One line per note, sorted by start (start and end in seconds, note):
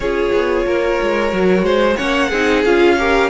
0.00 0.30 C#4
0.00 1.29 F4
0.00 0.65 G#4
0.00 1.95 C#5
0.32 0.65 B3
0.65 0.99 A#3
0.65 1.64 A#4
1.02 1.32 G#3
1.29 1.62 F#3
1.29 1.95 F#4
1.62 1.95 G#3
1.62 1.96 C5
1.96 2.31 A#3
1.96 2.30 C#4
1.96 2.28 C#5
1.96 2.62 F#5
2.28 2.64 C4
2.28 2.65 D#4
2.28 2.94 G#4
2.65 3.29 C#4
2.65 2.98 F4
2.65 3.29 F5
2.98 3.29 G4
2.98 3.29 A#4